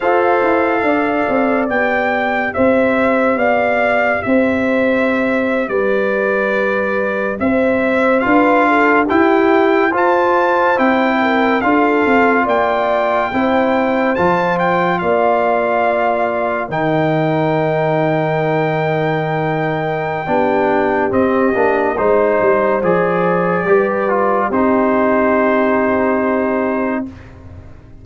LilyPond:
<<
  \new Staff \with { instrumentName = "trumpet" } { \time 4/4 \tempo 4 = 71 f''2 g''4 e''4 | f''4 e''4.~ e''16 d''4~ d''16~ | d''8. e''4 f''4 g''4 a''16~ | a''8. g''4 f''4 g''4~ g''16~ |
g''8. a''8 g''8 f''2 g''16~ | g''1~ | g''4 dis''4 c''4 d''4~ | d''4 c''2. | }
  \new Staff \with { instrumentName = "horn" } { \time 4/4 c''4 d''2 c''4 | d''4 c''4.~ c''16 b'4~ b'16~ | b'8. c''4 b'8 a'8 g'4 c''16~ | c''4~ c''16 ais'8 a'4 d''4 c''16~ |
c''4.~ c''16 d''2 ais'16~ | ais'1 | g'2 c''2 | b'4 g'2. | }
  \new Staff \with { instrumentName = "trombone" } { \time 4/4 a'2 g'2~ | g'1~ | g'4.~ g'16 f'4 e'4 f'16~ | f'8. e'4 f'2 e'16~ |
e'8. f'2. dis'16~ | dis'1 | d'4 c'8 d'8 dis'4 gis'4 | g'8 f'8 dis'2. | }
  \new Staff \with { instrumentName = "tuba" } { \time 4/4 f'8 e'8 d'8 c'8 b4 c'4 | b4 c'4.~ c'16 g4~ g16~ | g8. c'4 d'4 e'4 f'16~ | f'8. c'4 d'8 c'8 ais4 c'16~ |
c'8. f4 ais2 dis16~ | dis1 | b4 c'8 ais8 gis8 g8 f4 | g4 c'2. | }
>>